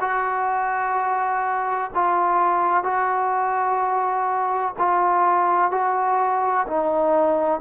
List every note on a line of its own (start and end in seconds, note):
0.00 1.90 F#4
1.94 2.83 F4
2.83 4.74 F#4
4.78 5.71 F4
5.71 6.66 F#4
6.67 7.60 D#4